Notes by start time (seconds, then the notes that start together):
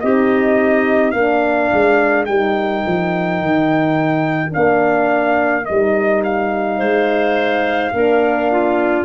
0.00 C4 D#4 G4 D#5
1.11 A#3 D4 A#4 F5
1.72 G#3
2.25 G3 D#4 G5
2.86 F3
3.41 D#3
4.50 A#3 D4 F5
5.65 G3 D#4 D#5
6.24 F5
6.77 G#3 C5
7.93 A#3 D4 A#4
8.51 F4